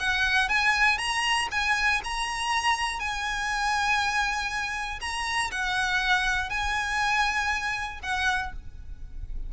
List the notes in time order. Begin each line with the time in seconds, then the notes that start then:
0.00 F#5
0.49 G#5
0.99 A#5
1.52 G#5
2.04 A#5
3.00 G#5
5.01 A#5
5.52 F#5
6.50 G#5
8.03 F#5